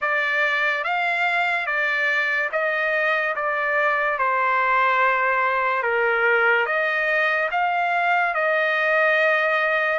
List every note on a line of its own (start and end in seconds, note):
0.01 0.84 D5
0.84 1.66 F5
1.66 2.49 D5
2.52 3.35 D#5
3.35 4.18 D5
4.18 5.82 C5
5.82 6.66 A#4
6.66 7.49 D#5
7.51 8.34 F5
8.34 9.98 D#5